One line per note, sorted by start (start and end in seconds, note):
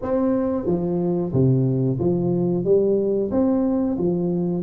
0.02 0.66 C4
0.66 1.32 F3
1.32 1.98 C3
1.99 2.64 F3
2.64 3.30 G3
3.31 3.97 C4
3.98 4.63 F3